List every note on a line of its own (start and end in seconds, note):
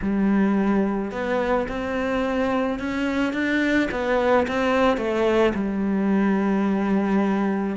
0.01 1.11 G3
1.11 1.67 B3
1.68 2.79 C4
2.79 3.33 C#4
3.33 3.88 D4
3.91 4.46 B3
4.47 4.97 C4
4.97 5.53 A3
5.54 7.76 G3